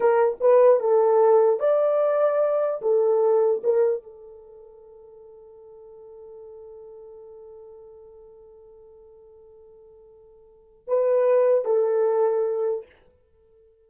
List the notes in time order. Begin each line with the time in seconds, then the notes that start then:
0.00 A#4
0.40 B4
0.79 A4
1.59 D5
2.81 A4
3.63 A#4
4.02 A4
10.87 B4
11.65 A4